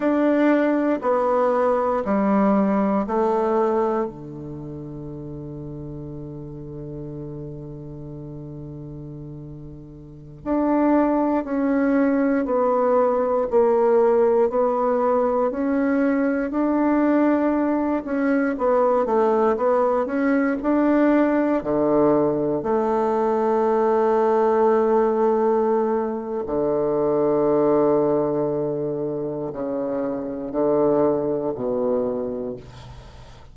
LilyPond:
\new Staff \with { instrumentName = "bassoon" } { \time 4/4 \tempo 4 = 59 d'4 b4 g4 a4 | d1~ | d2~ d16 d'4 cis'8.~ | cis'16 b4 ais4 b4 cis'8.~ |
cis'16 d'4. cis'8 b8 a8 b8 cis'16~ | cis'16 d'4 d4 a4.~ a16~ | a2 d2~ | d4 cis4 d4 b,4 | }